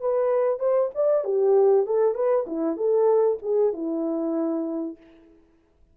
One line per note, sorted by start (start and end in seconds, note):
0.00 0.59 B4
0.59 0.90 C5
0.94 1.24 D5
1.24 1.86 G4
1.86 2.14 A4
2.14 2.45 B4
2.46 2.76 E4
2.76 3.38 A4
3.42 3.73 G#4
3.73 4.97 E4